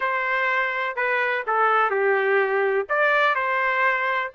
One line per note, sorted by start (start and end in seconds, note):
0.00 0.95 C5
0.95 1.43 B4
1.46 1.90 A4
1.90 2.86 G4
2.89 3.35 D5
3.35 4.31 C5